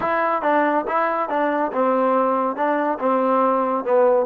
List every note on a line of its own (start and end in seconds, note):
0.00 0.42 E4
0.42 0.84 D4
0.87 1.29 E4
1.29 1.71 D4
1.72 2.56 C4
2.56 2.98 D4
2.99 3.84 C4
3.84 4.26 B3